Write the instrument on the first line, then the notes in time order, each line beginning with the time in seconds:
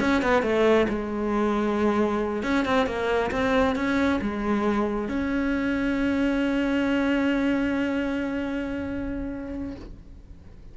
cello
0.00 C#4
0.22 B3
0.42 A3
0.89 G#3
2.43 C#4
2.65 C4
2.86 A#3
3.31 C4
3.75 C#4
4.21 G#3
5.08 C#4